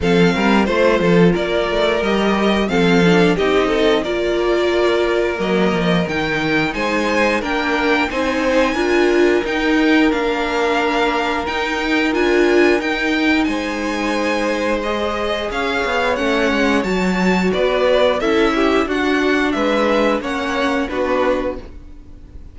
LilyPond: <<
  \new Staff \with { instrumentName = "violin" } { \time 4/4 \tempo 4 = 89 f''4 c''4 d''4 dis''4 | f''4 dis''4 d''2 | dis''4 g''4 gis''4 g''4 | gis''2 g''4 f''4~ |
f''4 g''4 gis''4 g''4 | gis''2 dis''4 f''4 | fis''4 a''4 d''4 e''4 | fis''4 e''4 fis''4 b'4 | }
  \new Staff \with { instrumentName = "violin" } { \time 4/4 a'8 ais'8 c''8 a'8 ais'2 | a'4 g'8 a'8 ais'2~ | ais'2 c''4 ais'4 | c''4 ais'2.~ |
ais'1 | c''2. cis''4~ | cis''2 b'4 a'8 g'8 | fis'4 b'4 cis''4 fis'4 | }
  \new Staff \with { instrumentName = "viola" } { \time 4/4 c'4 f'2 g'4 | c'8 d'8 dis'4 f'2 | ais4 dis'2 d'4 | dis'4 f'4 dis'4 d'4~ |
d'4 dis'4 f'4 dis'4~ | dis'2 gis'2 | cis'4 fis'2 e'4 | d'2 cis'4 d'4 | }
  \new Staff \with { instrumentName = "cello" } { \time 4/4 f8 g8 a8 f8 ais8 a8 g4 | f4 c'4 ais2 | fis8 f8 dis4 gis4 ais4 | c'4 d'4 dis'4 ais4~ |
ais4 dis'4 d'4 dis'4 | gis2. cis'8 b8 | a8 gis8 fis4 b4 cis'4 | d'4 gis4 ais4 b4 | }
>>